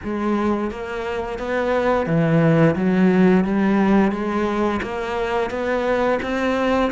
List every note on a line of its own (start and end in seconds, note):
0.03 0.71 G#3
0.71 1.38 A#3
1.38 2.06 B3
2.06 2.75 E3
2.75 3.44 F#3
3.44 4.11 G3
4.11 4.80 G#3
4.82 5.50 A#3
5.50 6.19 B3
6.22 6.91 C4